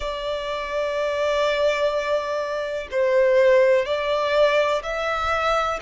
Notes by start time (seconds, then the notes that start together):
0.00 D5
2.91 C5
3.85 D5
4.82 E5